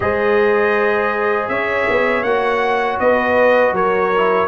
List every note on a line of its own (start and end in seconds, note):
0.00 1.48 G#3
0.00 2.24 G#4
0.00 1.51 C5
0.00 1.48 D#5
1.48 1.86 C#4
1.48 3.01 C#5
1.48 2.23 E5
1.88 2.23 B3
2.23 2.98 A#3
2.23 4.13 F#4
2.23 2.98 F#5
2.99 3.72 B3
2.99 3.74 B4
2.99 3.74 D#5
3.72 4.47 F#3
3.72 4.48 A#4
3.72 4.48 C#5
4.16 4.48 E4